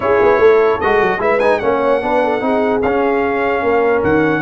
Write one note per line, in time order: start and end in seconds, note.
0.00 0.20 C#4
0.00 0.80 E4
0.00 0.40 G#4
0.00 0.80 C#5
0.22 0.38 B3
0.38 0.79 A3
0.38 1.20 A4
0.80 1.01 G#3
0.80 1.19 F#4
0.80 1.20 D#5
1.01 1.18 F#3
1.18 1.58 G#3
1.18 1.39 E4
1.18 1.61 B4
1.18 1.39 E5
1.39 1.61 D#4
1.39 1.59 G#5
1.59 2.02 A#3
1.59 2.01 C#4
1.59 2.03 C#5
1.59 2.80 F#5
2.01 2.41 B3
2.01 2.40 D4
2.01 2.24 B4
2.24 2.44 A4
2.40 2.81 C4
2.40 2.80 D#4
2.40 3.63 G#4
2.82 3.62 C#4
2.82 4.42 C#4
2.82 4.03 F5
3.62 4.02 A#3
3.62 4.42 A#4
4.03 4.42 D#3
4.03 4.42 F#5